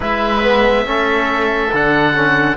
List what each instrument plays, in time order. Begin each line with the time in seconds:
0.00 cello G#3, trombone E4, oboe B4 E5
0.42 trombone B3
0.85 cello A3, trombone C#4, oboe A4
1.72 cello D3, trombone D4, oboe F#5
2.14 trombone C#4